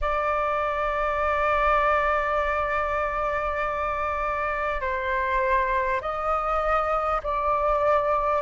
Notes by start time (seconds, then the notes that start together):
0.01 D5
4.81 C5
6.01 D#5
7.23 D5